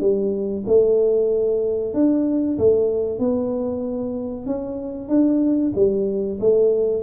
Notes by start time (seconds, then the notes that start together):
0.00 G3
0.66 A3
1.94 D4
2.58 A3
3.19 B3
4.46 C#4
5.08 D4
5.75 G3
6.40 A3